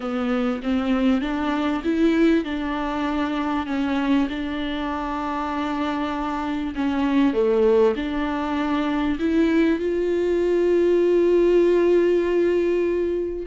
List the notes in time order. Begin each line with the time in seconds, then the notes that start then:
0.00 B3
0.63 C4
1.21 D4
1.83 E4
2.44 D4
3.66 C#4
4.29 D4
6.75 C#4
7.33 A3
7.96 D4
9.19 E4
9.79 F4